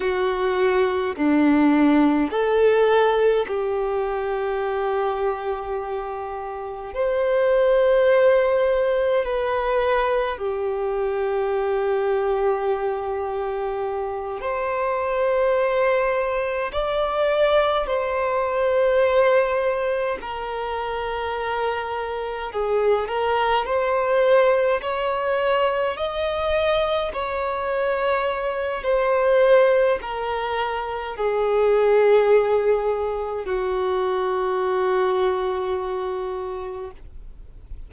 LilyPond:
\new Staff \with { instrumentName = "violin" } { \time 4/4 \tempo 4 = 52 fis'4 d'4 a'4 g'4~ | g'2 c''2 | b'4 g'2.~ | g'8 c''2 d''4 c''8~ |
c''4. ais'2 gis'8 | ais'8 c''4 cis''4 dis''4 cis''8~ | cis''4 c''4 ais'4 gis'4~ | gis'4 fis'2. | }